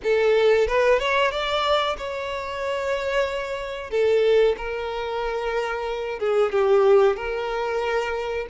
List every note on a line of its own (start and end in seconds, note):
0.03 0.67 A4
0.67 0.99 B4
0.99 1.31 C#5
1.31 1.96 D5
1.97 3.90 C#5
3.90 4.55 A4
4.57 6.19 A#4
6.19 6.52 G#4
6.52 7.16 G4
7.16 8.46 A#4